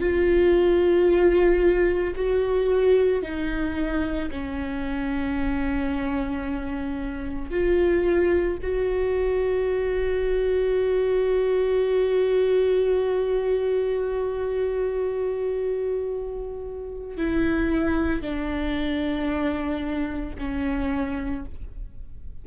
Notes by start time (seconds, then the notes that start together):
0.00 F4
2.16 F#4
3.22 D#4
4.31 C#4
7.51 F4
8.62 F#4
17.17 E4
18.22 D4
20.38 C#4